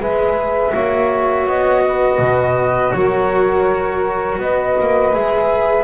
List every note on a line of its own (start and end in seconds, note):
0.00 0.73 G#3
0.00 0.72 G#4
0.00 0.73 B4
0.00 1.48 E5
0.72 1.46 A#3
0.72 5.11 F#4
0.72 1.83 C#5
1.46 2.19 B3
1.46 2.92 D#5
1.86 2.96 B4
2.19 2.92 B2
2.92 4.39 F#3
2.92 4.41 A#4
2.92 4.38 C#5
4.39 4.75 B3
4.39 5.84 B4
4.39 5.14 D#5
4.80 5.15 A#3
5.13 5.84 G#3
5.13 5.84 G#4
5.13 5.84 E5